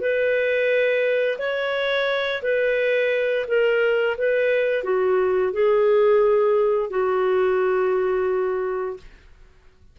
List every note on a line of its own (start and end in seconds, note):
0.00 1.38 B4
1.39 2.42 C#5
2.42 3.46 B4
3.47 4.16 A#4
4.17 4.83 B4
4.83 5.52 F#4
5.53 6.90 G#4
6.90 8.97 F#4